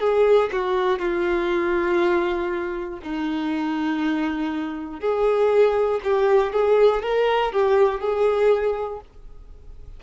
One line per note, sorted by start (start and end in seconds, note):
0.00 0.50 G#4
0.52 0.99 F#4
0.99 2.99 F4
3.02 5.00 D#4
5.00 6.00 G#4
6.04 6.52 G4
6.52 7.02 G#4
7.03 7.53 A#4
7.53 8.00 G4
8.00 9.00 G#4